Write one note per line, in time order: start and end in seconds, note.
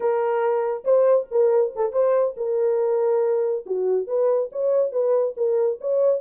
0.00 0.84 A#4
0.84 1.27 C5
1.31 1.74 A#4
1.75 1.92 A4
1.92 2.35 C5
2.36 3.65 A#4
3.65 4.07 F#4
4.07 4.50 B4
4.52 4.91 C#5
4.91 5.34 B4
5.36 5.79 A#4
5.80 6.21 C#5